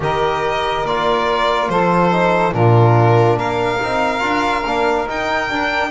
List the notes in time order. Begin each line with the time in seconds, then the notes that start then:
0.00 D#3 G4 A#4 D#5
0.84 A#3 F4 D5
1.68 F3 A4 C5
2.11 D#4
2.52 A#2 D4 F4 A#4
3.36 A#3 A#4 F5
3.79 C4 D#4
4.19 D4 F4
4.65 A#3 D4
5.06 D#4 G5
5.49 D4